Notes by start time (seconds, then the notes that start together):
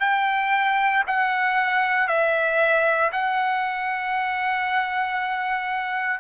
0.00 G5
1.07 F#5
2.08 E5
3.12 F#5